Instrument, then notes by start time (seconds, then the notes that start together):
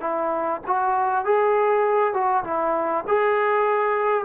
trombone
0.00 E4
0.66 F#4
1.24 G#4
2.13 F#4
2.44 E4
3.07 G#4